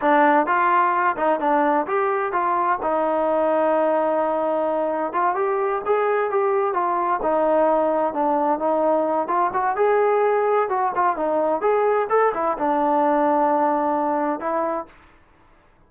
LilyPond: \new Staff \with { instrumentName = "trombone" } { \time 4/4 \tempo 4 = 129 d'4 f'4. dis'8 d'4 | g'4 f'4 dis'2~ | dis'2. f'8 g'8~ | g'8 gis'4 g'4 f'4 dis'8~ |
dis'4. d'4 dis'4. | f'8 fis'8 gis'2 fis'8 f'8 | dis'4 gis'4 a'8 e'8 d'4~ | d'2. e'4 | }